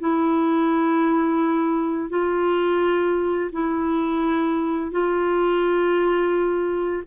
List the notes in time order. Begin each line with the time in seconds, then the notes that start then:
0.00 E4
2.10 F4
3.53 E4
4.92 F4